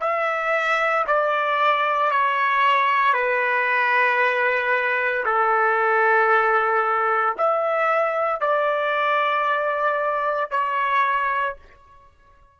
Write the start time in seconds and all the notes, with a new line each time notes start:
0.00 E5
1.07 D5
2.11 C#5
3.13 B4
5.25 A4
7.37 E5
8.41 D5
10.51 C#5